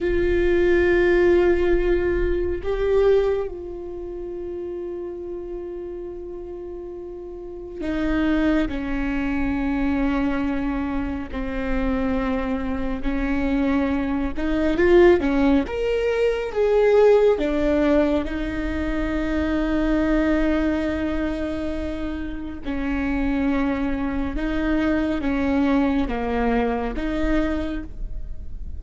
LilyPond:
\new Staff \with { instrumentName = "viola" } { \time 4/4 \tempo 4 = 69 f'2. g'4 | f'1~ | f'4 dis'4 cis'2~ | cis'4 c'2 cis'4~ |
cis'8 dis'8 f'8 cis'8 ais'4 gis'4 | d'4 dis'2.~ | dis'2 cis'2 | dis'4 cis'4 ais4 dis'4 | }